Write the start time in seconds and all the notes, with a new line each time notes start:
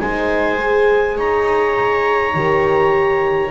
0.00 G#3 D#4 C5 G#5
0.57 G#4
1.17 D#4 C#5 A#5
2.34 D#3 G4